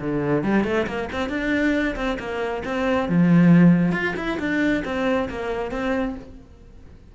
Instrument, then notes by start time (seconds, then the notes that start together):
cello
0.00 D3
0.43 G3
0.64 A3
0.86 A#3
1.12 C4
1.29 D4
1.96 C4
2.19 A#3
2.65 C4
3.08 F3
3.92 F4
4.16 E4
4.39 D4
4.84 C4
5.29 A#3
5.71 C4